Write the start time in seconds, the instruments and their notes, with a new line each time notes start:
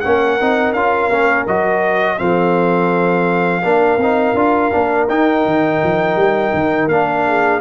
0.00 tuba A#3, trombone C#4, horn A#4, trumpet F#5
0.40 tuba C4, trombone D#4
0.72 tuba C#4, trombone F4, trumpet F5
1.09 tuba A#3, trombone C#4
1.47 tuba F#3, trombone F#4, trumpet D#5
2.18 tuba F3, trombone C4, horn A4, trumpet F5
3.62 tuba A#3, trombone D4, horn A#4
3.97 tuba C4, trombone D#4
4.34 tuba D4, trombone F4
4.72 tuba A#3, trombone D4
5.08 tuba D#4, trombone D#4, trumpet G5
5.45 tuba D#3
5.83 tuba F3
6.16 tuba G3
6.53 tuba D#3
6.88 tuba A#3, trombone D4, trumpet F5
7.27 horn G#4